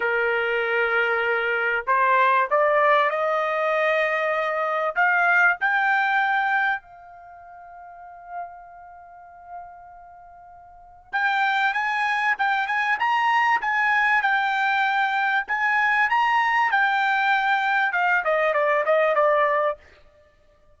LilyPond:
\new Staff \with { instrumentName = "trumpet" } { \time 4/4 \tempo 4 = 97 ais'2. c''4 | d''4 dis''2. | f''4 g''2 f''4~ | f''1~ |
f''2 g''4 gis''4 | g''8 gis''8 ais''4 gis''4 g''4~ | g''4 gis''4 ais''4 g''4~ | g''4 f''8 dis''8 d''8 dis''8 d''4 | }